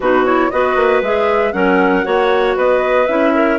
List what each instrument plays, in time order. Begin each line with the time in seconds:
0.00 bassoon B2, clarinet D#4 F#4, flute B4
0.25 clarinet E4, flute C#5
0.50 bassoon B3, clarinet F#4 B4, flute D#5
0.75 bassoon A#3
1.01 bassoon G#3, clarinet G#4, flute E5
1.52 bassoon F#3, clarinet C#4 A#4, flute F#5
2.03 bassoon A#3, clarinet F#4 C#5
2.56 bassoon B3, clarinet B4, flute D#5
3.06 bassoon C#4, clarinet E4, flute E5
3.34 clarinet A#4